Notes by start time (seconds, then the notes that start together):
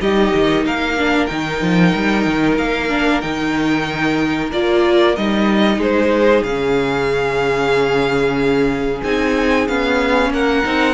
0.00 G3 D#4 G4 D#5
0.35 D#3
0.65 A#3 A#4 F5
0.98 D4
1.26 D#3 D#4 G5
1.61 F3
1.95 G3
2.26 D#3
2.58 A#3 F5
2.89 D4
3.21 D#3 D#4 G5
4.52 A#3 F4 D5
5.16 G3 D#4 D#5
5.77 G#3 G#4 C5
6.43 C#3 C#4 F5
9.03 C4 D#4 G#5
9.68 B3 C#4 F5
10.30 A#3 A#4 F#5
10.64 C4 D#4